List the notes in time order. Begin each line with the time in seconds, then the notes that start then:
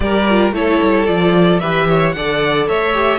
0.00 G3 G4 A#4 D5
0.28 F4
0.52 A3 E4 A4 C#5
0.82 G3
1.06 F3 F4 D5
1.59 E3 G4 B4 E5
1.88 C#5
2.11 D3 A4 D5 F#5
2.68 A3 C#5 E5
2.93 G4